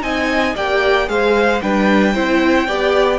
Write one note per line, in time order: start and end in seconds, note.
0.00 0.55 C4
0.00 0.53 D#4
0.00 0.55 D#5
0.00 0.56 G#5
0.55 1.08 A#3
0.55 1.07 G4
0.55 1.08 D5
0.55 1.09 G5
1.07 1.61 G#3
1.07 1.61 G#4
1.07 1.63 C5
1.07 1.61 F5
1.61 2.15 G3
1.61 2.15 D4
1.61 2.14 B4
1.61 3.19 G5
2.14 2.68 C4
2.14 2.68 E4
2.14 2.67 C5
2.67 3.19 B3
2.67 3.19 G4
2.67 3.19 D5